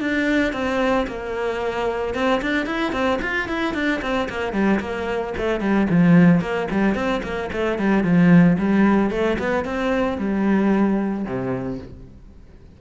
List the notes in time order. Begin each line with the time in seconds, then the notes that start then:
0.00 D4
0.53 C4
1.07 A#3
2.14 C4
2.42 D4
2.66 E4
2.92 C4
3.21 F4
3.48 E4
3.74 D4
4.02 C4
4.29 A#3
4.53 G3
4.80 A#3
5.37 A3
5.60 G3
5.90 F3
6.41 A#3
6.71 G3
6.94 C4
7.23 A#3
7.52 A3
7.78 G3
8.04 F3
8.58 G3
9.11 A3
9.38 B3
9.65 C4
10.18 G3
11.25 C3